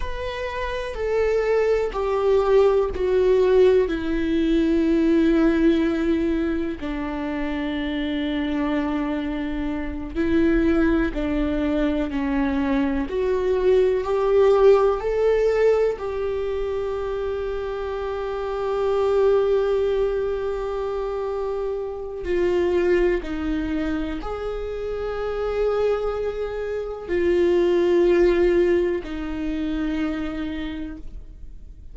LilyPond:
\new Staff \with { instrumentName = "viola" } { \time 4/4 \tempo 4 = 62 b'4 a'4 g'4 fis'4 | e'2. d'4~ | d'2~ d'8 e'4 d'8~ | d'8 cis'4 fis'4 g'4 a'8~ |
a'8 g'2.~ g'8~ | g'2. f'4 | dis'4 gis'2. | f'2 dis'2 | }